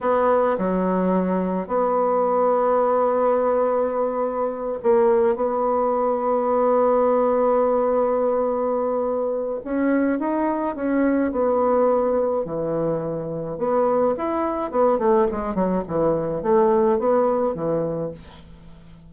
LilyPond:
\new Staff \with { instrumentName = "bassoon" } { \time 4/4 \tempo 4 = 106 b4 fis2 b4~ | b1~ | b8 ais4 b2~ b8~ | b1~ |
b4 cis'4 dis'4 cis'4 | b2 e2 | b4 e'4 b8 a8 gis8 fis8 | e4 a4 b4 e4 | }